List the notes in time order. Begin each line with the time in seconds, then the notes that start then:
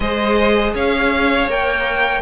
0.00 G#3 G#4 C5 D#5
0.74 C#4 C#5 F5
1.47 A#3 A#4 G5